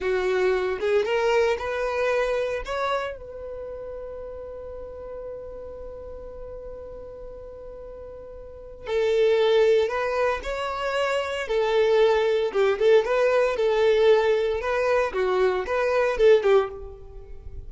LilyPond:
\new Staff \with { instrumentName = "violin" } { \time 4/4 \tempo 4 = 115 fis'4. gis'8 ais'4 b'4~ | b'4 cis''4 b'2~ | b'1~ | b'1~ |
b'4 a'2 b'4 | cis''2 a'2 | g'8 a'8 b'4 a'2 | b'4 fis'4 b'4 a'8 g'8 | }